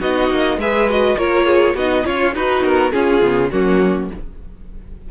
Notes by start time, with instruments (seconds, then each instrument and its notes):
0.00 cello B3, viola D#4, violin F#4 D#5
0.30 cello A#3
0.57 cello G#3, viola G#4, violin B4 E5
0.90 viola F#4, violin D#5
1.18 cello A#3, viola F4, violin A#4 C#5
1.46 violin G#4
1.75 cello B3, viola D#4, violin F#4 D#5
2.04 cello C#4, viola F4, violin F4 C#5
2.35 cello D#4, violin D#4 B4, viola F#4
2.63 cello B3, violin A#4
2.92 viola C#4, cello C#4, violin F4 G#4
3.22 cello C#3, viola B3
3.51 cello F#3, viola A#3, violin C#4 F#4